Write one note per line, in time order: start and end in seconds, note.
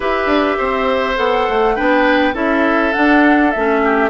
0.00 0.26 E4
0.00 1.16 G4
0.00 0.58 B4
0.00 1.17 E5
0.26 0.55 D4
0.58 1.18 C4
0.58 1.75 C5
1.16 1.47 B3
1.16 1.75 A4
1.16 1.75 F#5
1.48 1.78 A3
1.75 2.33 B3
1.75 2.33 D4
1.75 2.33 B4
1.75 2.34 G5
2.33 2.92 C#4
2.33 2.92 E4
2.33 3.81 A4
2.33 2.92 E5
2.92 3.53 D4
2.92 3.55 D4
2.92 3.50 F#5
3.50 4.10 A3
3.50 4.10 C#4
3.50 4.09 E5
3.83 4.10 G4